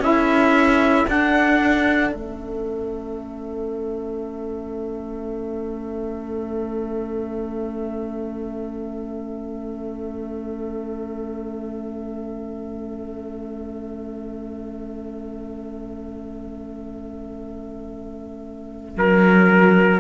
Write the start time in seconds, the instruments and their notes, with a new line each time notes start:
0.00 cello C#4, saxophone E4, trumpet A4 E5
1.08 cello D4, saxophone D4, trumpet F#5
2.12 cello A3, saxophone C#4, trumpet E5
18.96 cello F#3, trumpet A#4